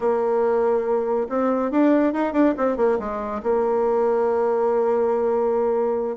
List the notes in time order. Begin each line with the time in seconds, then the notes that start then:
0.00 A#3
1.29 C4
1.71 D4
2.13 D#4
2.32 D4
2.57 C4
2.77 A#3
2.99 G#3
3.42 A#3